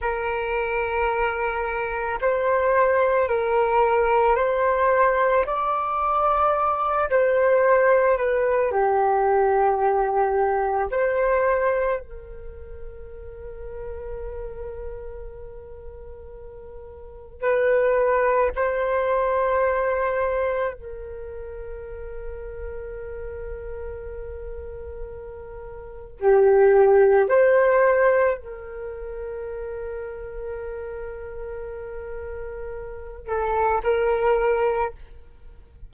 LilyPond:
\new Staff \with { instrumentName = "flute" } { \time 4/4 \tempo 4 = 55 ais'2 c''4 ais'4 | c''4 d''4. c''4 b'8 | g'2 c''4 ais'4~ | ais'1 |
b'4 c''2 ais'4~ | ais'1 | g'4 c''4 ais'2~ | ais'2~ ais'8 a'8 ais'4 | }